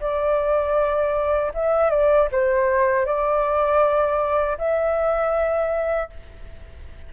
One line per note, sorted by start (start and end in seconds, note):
0.00 1.52 D5
1.54 1.90 E5
1.90 2.28 D5
2.32 3.06 C5
3.06 4.57 D5
4.58 6.10 E5